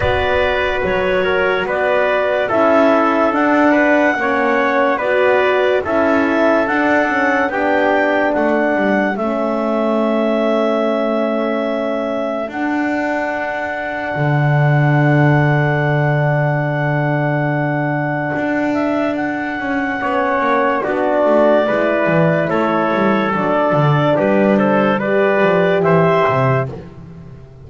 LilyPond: <<
  \new Staff \with { instrumentName = "clarinet" } { \time 4/4 \tempo 4 = 72 d''4 cis''4 d''4 e''4 | fis''2 d''4 e''4 | fis''4 g''4 fis''4 e''4~ | e''2. fis''4~ |
fis''1~ | fis''2~ fis''8 e''8 fis''4~ | fis''4 d''2 cis''4 | d''4 b'8 c''8 d''4 e''4 | }
  \new Staff \with { instrumentName = "trumpet" } { \time 4/4 b'4. ais'8 b'4 a'4~ | a'8 b'8 cis''4 b'4 a'4~ | a'4 g'4 a'2~ | a'1~ |
a'1~ | a'1 | cis''4 fis'4 b'4 a'4~ | a'4 g'8 a'8 b'4 c''4 | }
  \new Staff \with { instrumentName = "horn" } { \time 4/4 fis'2. e'4 | d'4 cis'4 fis'4 e'4 | d'8 cis'8 d'2 cis'4~ | cis'2. d'4~ |
d'1~ | d'1 | cis'4 d'4 e'2 | d'2 g'2 | }
  \new Staff \with { instrumentName = "double bass" } { \time 4/4 b4 fis4 b4 cis'4 | d'4 ais4 b4 cis'4 | d'4 b4 a8 g8 a4~ | a2. d'4~ |
d'4 d2.~ | d2 d'4. cis'8 | b8 ais8 b8 a8 gis8 e8 a8 g8 | fis8 d8 g4. f8 e8 c8 | }
>>